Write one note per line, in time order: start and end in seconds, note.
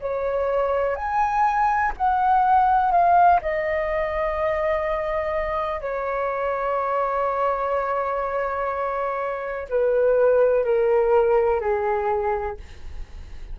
0.00 0.95 C#5
0.95 1.92 G#5
1.97 2.91 F#5
2.91 3.40 F5
3.41 5.81 D#5
5.81 9.68 C#5
9.69 10.64 B4
10.64 11.60 A#4
11.60 12.57 G#4